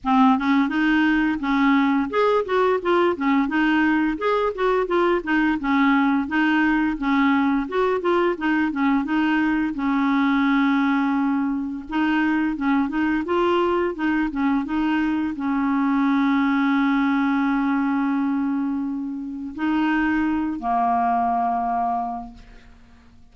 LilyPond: \new Staff \with { instrumentName = "clarinet" } { \time 4/4 \tempo 4 = 86 c'8 cis'8 dis'4 cis'4 gis'8 fis'8 | f'8 cis'8 dis'4 gis'8 fis'8 f'8 dis'8 | cis'4 dis'4 cis'4 fis'8 f'8 | dis'8 cis'8 dis'4 cis'2~ |
cis'4 dis'4 cis'8 dis'8 f'4 | dis'8 cis'8 dis'4 cis'2~ | cis'1 | dis'4. ais2~ ais8 | }